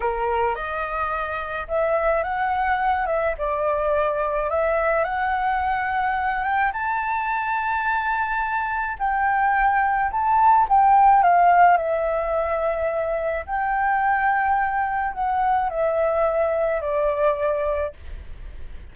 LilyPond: \new Staff \with { instrumentName = "flute" } { \time 4/4 \tempo 4 = 107 ais'4 dis''2 e''4 | fis''4. e''8 d''2 | e''4 fis''2~ fis''8 g''8 | a''1 |
g''2 a''4 g''4 | f''4 e''2. | g''2. fis''4 | e''2 d''2 | }